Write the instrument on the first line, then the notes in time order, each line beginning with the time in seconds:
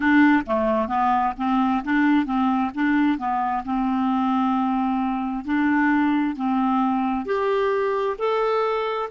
clarinet
0.00 D4
0.46 A3
0.88 B3
1.37 C4
1.83 D4
2.25 C4
2.74 D4
3.18 B3
3.64 C4
5.45 D4
6.36 C4
7.25 G4
8.18 A4